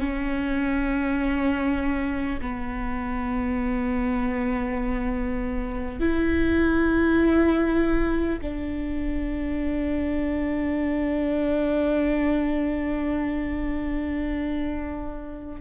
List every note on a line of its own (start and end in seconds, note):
0.00 2.40 C#4
2.41 5.99 B3
5.99 8.39 E4
8.42 15.61 D4